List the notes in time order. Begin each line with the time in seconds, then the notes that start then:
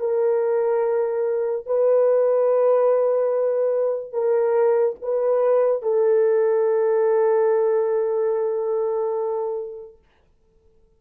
0.00 A#4
1.66 B4
4.12 A#4
5.02 B4
5.83 A4